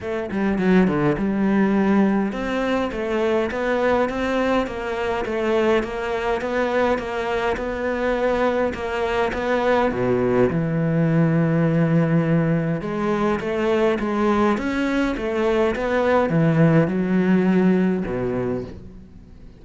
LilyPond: \new Staff \with { instrumentName = "cello" } { \time 4/4 \tempo 4 = 103 a8 g8 fis8 d8 g2 | c'4 a4 b4 c'4 | ais4 a4 ais4 b4 | ais4 b2 ais4 |
b4 b,4 e2~ | e2 gis4 a4 | gis4 cis'4 a4 b4 | e4 fis2 b,4 | }